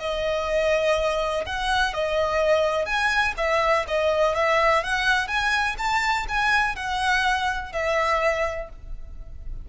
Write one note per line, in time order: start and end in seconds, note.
0.00 1.45 D#5
1.46 1.94 F#5
1.94 2.86 D#5
2.86 3.35 G#5
3.38 3.86 E5
3.88 4.36 D#5
4.36 4.84 E5
4.84 5.28 F#5
5.28 5.76 G#5
5.78 6.27 A5
6.29 6.76 G#5
6.76 7.73 F#5
7.73 8.70 E5